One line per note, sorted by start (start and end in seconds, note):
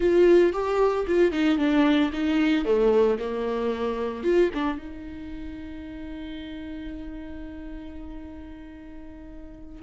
0.00 0.53 F4
0.53 1.06 G4
1.07 1.32 F4
1.32 1.58 D#4
1.58 2.11 D4
2.12 2.65 D#4
2.65 3.18 A3
3.19 4.23 A#3
4.23 4.50 F4
4.54 4.78 D4
4.78 9.82 D#4